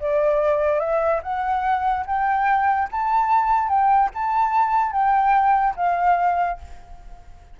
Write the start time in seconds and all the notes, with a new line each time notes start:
0.00 D5
0.79 E5
1.23 F#5
2.06 G5
2.92 A5
3.68 G5
4.15 A5
4.92 G5
5.76 F5